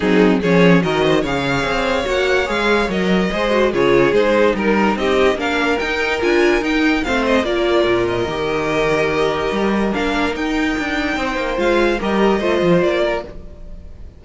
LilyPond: <<
  \new Staff \with { instrumentName = "violin" } { \time 4/4 \tempo 4 = 145 gis'4 cis''4 dis''4 f''4~ | f''4 fis''4 f''4 dis''4~ | dis''4 cis''4 c''4 ais'4 | dis''4 f''4 g''4 gis''4 |
g''4 f''8 dis''8 d''4. dis''8~ | dis''1 | f''4 g''2. | f''4 dis''2 d''4 | }
  \new Staff \with { instrumentName = "violin" } { \time 4/4 dis'4 gis'4 ais'8 c''8 cis''4~ | cis''1 | c''4 gis'2 ais'4 | g'4 ais'2.~ |
ais'4 c''4 ais'2~ | ais'1~ | ais'2. c''4~ | c''4 ais'4 c''4. ais'8 | }
  \new Staff \with { instrumentName = "viola" } { \time 4/4 c'4 cis'4 fis'4 gis'4~ | gis'4 fis'4 gis'4 ais'4 | gis'8 fis'8 f'4 dis'2~ | dis'4 d'4 dis'4 f'4 |
dis'4 c'4 f'2 | g'1 | d'4 dis'2. | f'4 g'4 f'2 | }
  \new Staff \with { instrumentName = "cello" } { \time 4/4 fis4 f4 dis4 cis4 | c'4 ais4 gis4 fis4 | gis4 cis4 gis4 g4 | c'4 ais4 dis'4 d'4 |
dis'4 a4 ais4 ais,4 | dis2. g4 | ais4 dis'4 d'4 c'8 ais8 | gis4 g4 a8 f8 ais4 | }
>>